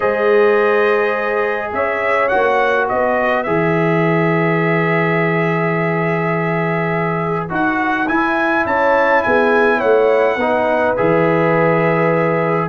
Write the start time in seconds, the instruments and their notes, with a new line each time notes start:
0.00 tuba G#3, trombone G#4, horn C5, trumpet D#5
1.72 tuba C#4, horn C#5, trumpet E5
2.28 tuba A#3, trombone F#4, trumpet F#5
2.88 tuba B3, horn B4, trumpet D#5
3.43 tuba E3, trombone G#4, trumpet E5
7.49 tuba D#4, trombone F#4, trumpet F#5
8.07 trombone E4, tuba E4, trumpet G#5
8.66 tuba C#4, horn C#5, trumpet A5
9.23 tuba B3, horn G#4, trumpet G#5
9.77 tuba A3, horn C#5, trumpet F#5
10.36 tuba B3, trombone D#4, horn B4
10.96 tuba E3, trombone G#4, trumpet E5